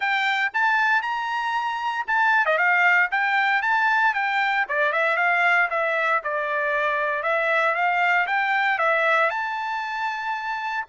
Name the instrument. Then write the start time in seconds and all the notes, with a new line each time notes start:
trumpet
0.00 G5
0.53 A5
1.02 A#5
2.07 A5
2.45 D#5
2.57 F5
3.11 G5
3.62 A5
4.14 G5
4.68 D5
4.92 E5
5.17 F5
5.70 E5
6.23 D5
7.22 E5
7.74 F5
8.26 G5
8.78 E5
9.29 A5